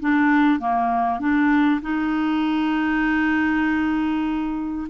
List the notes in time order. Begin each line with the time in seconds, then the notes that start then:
0.00 D4
0.60 A#3
1.20 D4
1.82 D#4